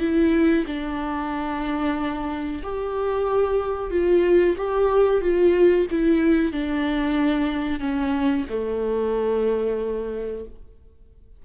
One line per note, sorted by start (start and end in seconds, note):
0.00 0.65 E4
0.66 2.62 D4
2.63 3.91 G4
3.91 4.56 F4
4.57 5.21 G4
5.21 5.87 F4
5.91 6.52 E4
6.52 7.80 D4
7.80 8.45 C#4
8.49 10.45 A3